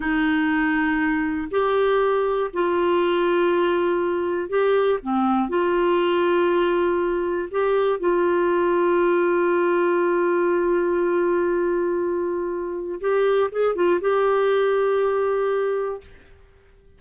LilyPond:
\new Staff \with { instrumentName = "clarinet" } { \time 4/4 \tempo 4 = 120 dis'2. g'4~ | g'4 f'2.~ | f'4 g'4 c'4 f'4~ | f'2. g'4 |
f'1~ | f'1~ | f'2 g'4 gis'8 f'8 | g'1 | }